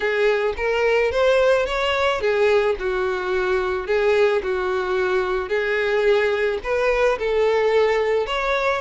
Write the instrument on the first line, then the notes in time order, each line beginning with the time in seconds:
violin
0.00 G#4
0.56 A#4
1.11 C5
1.66 C#5
2.20 G#4
2.79 F#4
3.87 G#4
4.42 F#4
5.48 G#4
6.63 B4
7.19 A4
8.26 C#5